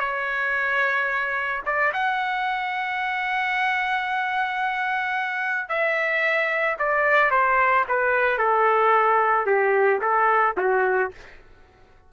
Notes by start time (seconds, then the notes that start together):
0.00 C#5
1.66 D5
1.93 F#5
5.69 E5
6.79 D5
7.31 C5
7.89 B4
8.38 A4
9.46 G4
10.01 A4
10.57 F#4